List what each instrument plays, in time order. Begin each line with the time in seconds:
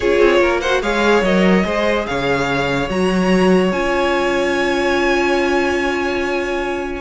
0.00 cello C#4, viola F4, violin G#4 C#5
0.19 cello C4
0.40 cello A#3, violin A#4
0.60 viola F#4, violin C5 F#5
0.81 cello G#3, viola G#4, violin C#5 F5
1.22 cello F#3, viola A#4, violin D#5
1.63 cello G#3, viola G#4, violin C5
2.06 cello C#3, violin C#5 F5
2.89 cello F#3, viola F#4, violin A#5
3.72 cello C#4, viola F4, violin G#5